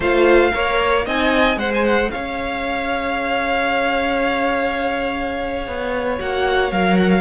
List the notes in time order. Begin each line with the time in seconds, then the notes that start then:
0.00 A3 F4 C5 F5
0.53 A#3 A#4 C#5
1.05 C4 D#4 D#5 G#5
1.56 G#3 G#4 C5 F#5
1.74 G#5
1.84 F#5
2.10 C#4 C#5 F5
5.67 B3
6.18 A#3 F#4 F#5
6.71 F#3 A#4 F5
6.96 F#5
7.10 F5